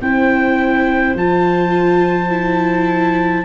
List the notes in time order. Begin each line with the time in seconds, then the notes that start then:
0.00 C4 E4 C5 G5
1.14 F3 F4 A5
2.29 E4